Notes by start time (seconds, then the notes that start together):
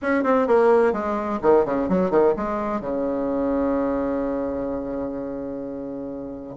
0.01 C#4
0.23 C4
0.47 A#3
0.92 G#3
1.42 D#3
1.65 C#3
1.88 F#3
2.10 D#3
2.36 G#3
2.80 C#3